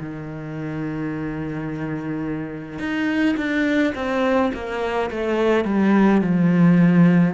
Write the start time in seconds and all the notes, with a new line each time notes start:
0.00 D#3
2.79 D#4
3.37 D4
3.95 C4
4.54 A#3
5.11 A3
5.65 G3
6.22 F3